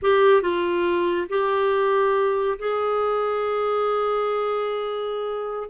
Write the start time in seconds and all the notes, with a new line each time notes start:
0.02 G4
0.42 F4
1.29 G4
2.58 G#4